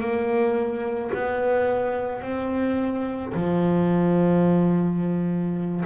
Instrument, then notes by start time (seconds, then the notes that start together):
double bass
0.00 A#3
1.14 B3
2.22 C4
3.34 F3